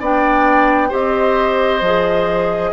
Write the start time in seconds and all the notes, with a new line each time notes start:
0.00 B3 D4 D5 G5
0.89 C4 G4 C5 D#5
1.81 F3 G#4